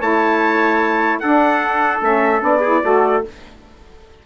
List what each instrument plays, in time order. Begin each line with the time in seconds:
0.00 bassoon A3, saxophone E4, trumpet C#5 A5
1.19 bassoon D4, saxophone D4, trumpet A4 F#5
2.01 bassoon A3, saxophone C#4, trumpet E5
2.40 bassoon B3, saxophone D4, trumpet D5
2.60 saxophone E4, trumpet G#4
2.84 bassoon A3, saxophone F#4, trumpet A4